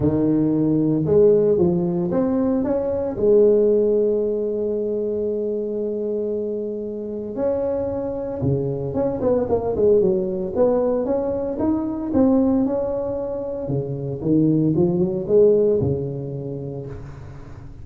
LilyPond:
\new Staff \with { instrumentName = "tuba" } { \time 4/4 \tempo 4 = 114 dis2 gis4 f4 | c'4 cis'4 gis2~ | gis1~ | gis2 cis'2 |
cis4 cis'8 b8 ais8 gis8 fis4 | b4 cis'4 dis'4 c'4 | cis'2 cis4 dis4 | f8 fis8 gis4 cis2 | }